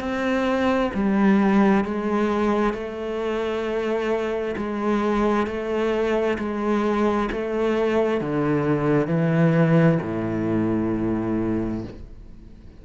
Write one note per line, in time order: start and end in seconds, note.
0.00 0.91 C4
0.95 1.85 G3
1.85 2.74 G#3
2.74 4.56 A3
4.57 5.47 G#3
5.47 6.38 A3
6.39 7.30 G#3
7.32 8.21 A3
8.21 9.08 D3
9.08 9.99 E3
10.02 11.84 A2